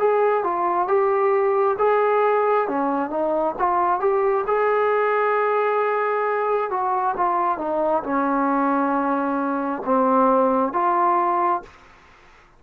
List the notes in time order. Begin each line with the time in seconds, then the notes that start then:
0.00 G#4
0.44 F4
0.88 G4
1.79 G#4
2.68 C#4
3.10 D#4
3.59 F4
4.01 G4
4.47 G#4
6.71 F#4
7.17 F4
7.59 D#4
8.04 C#4
9.86 C4
10.73 F4